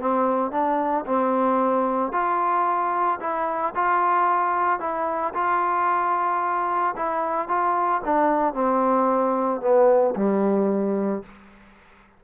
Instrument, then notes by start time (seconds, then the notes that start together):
trombone
0.00 C4
0.51 D4
1.06 C4
2.12 F4
3.20 E4
3.75 F4
4.80 E4
5.34 F4
6.96 E4
7.48 F4
8.04 D4
8.53 C4
9.61 B3
10.16 G3